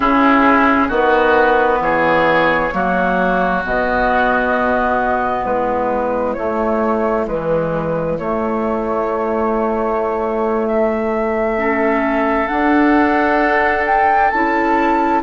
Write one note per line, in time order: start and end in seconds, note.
0.00 0.89 C#3
0.00 0.89 C#4
0.00 0.88 E4
0.00 0.91 G#4
0.88 1.79 D#3
0.88 2.71 B3
0.88 1.79 F#4
0.88 1.81 B4
1.79 2.70 E3
1.79 2.74 G#4
1.79 3.63 C#5
2.73 3.64 F#3
2.73 3.64 A#3
2.73 5.44 F#4
3.65 5.45 B2
3.65 6.37 B3
3.65 5.45 D#5
5.44 6.36 G#3
5.44 11.57 E4
5.44 6.33 B4
6.33 7.28 A3
6.33 7.26 A3
6.33 7.24 C#5
7.26 8.19 E3
7.26 8.17 G#3
7.26 8.18 B4
8.18 12.50 A3
8.18 11.58 A3
8.18 10.67 C#5
10.67 12.47 E5
11.58 12.48 C#4
11.58 15.22 A4
12.47 14.29 D4
12.47 14.32 D4
12.47 13.84 F#5
13.86 14.30 G5
14.30 15.22 C#4
14.30 15.22 E4
14.30 15.21 A5